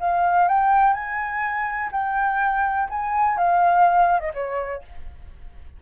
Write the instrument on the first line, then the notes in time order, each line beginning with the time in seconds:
flute
0.00 F5
0.48 G5
0.93 G#5
1.92 G5
2.90 G#5
3.38 F5
4.20 D#5
4.34 C#5